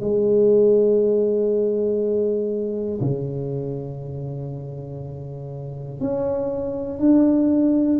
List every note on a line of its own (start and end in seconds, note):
0.00 3.00 G#3
3.01 6.00 C#3
6.00 6.99 C#4
6.99 7.99 D4